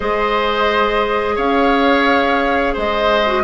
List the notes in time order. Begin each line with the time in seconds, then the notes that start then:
0.00 G#3 G#4 C5 D#5
1.35 C#4 C#5 F5
2.73 G#3 C5 D#5
3.26 F#4